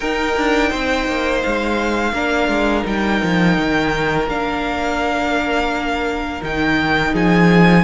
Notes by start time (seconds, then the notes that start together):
0.00 D#4 A#4 G5
0.36 D4
0.70 C4 C5
1.07 A#3
1.43 G#3 F5
2.12 A#3 D4 A#4
2.47 G#3
2.84 G3 D#4 G5
3.23 F3
3.57 D#3
4.27 A#3 D4 F5
6.41 D#3 D#4 G5
7.11 F3 G#4 G#5